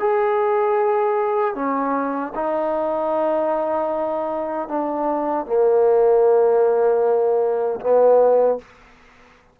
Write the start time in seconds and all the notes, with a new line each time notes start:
0.00 G#4
1.55 C#4
2.35 D#4
4.69 D4
5.47 A#3
7.81 B3